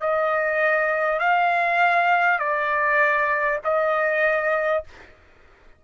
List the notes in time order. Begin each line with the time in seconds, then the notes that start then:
0.00 D#5
1.19 F5
2.38 D5
3.64 D#5